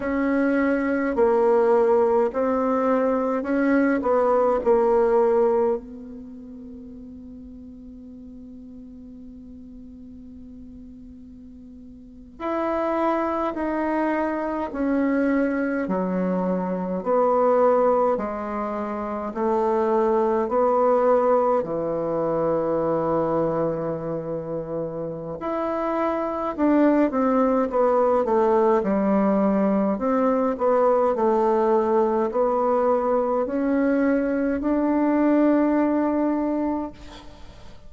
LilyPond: \new Staff \with { instrumentName = "bassoon" } { \time 4/4 \tempo 4 = 52 cis'4 ais4 c'4 cis'8 b8 | ais4 b2.~ | b2~ b8. e'4 dis'16~ | dis'8. cis'4 fis4 b4 gis16~ |
gis8. a4 b4 e4~ e16~ | e2 e'4 d'8 c'8 | b8 a8 g4 c'8 b8 a4 | b4 cis'4 d'2 | }